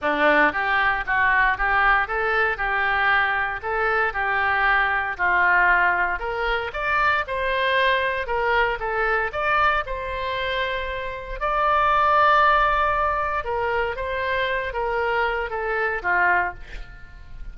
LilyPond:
\new Staff \with { instrumentName = "oboe" } { \time 4/4 \tempo 4 = 116 d'4 g'4 fis'4 g'4 | a'4 g'2 a'4 | g'2 f'2 | ais'4 d''4 c''2 |
ais'4 a'4 d''4 c''4~ | c''2 d''2~ | d''2 ais'4 c''4~ | c''8 ais'4. a'4 f'4 | }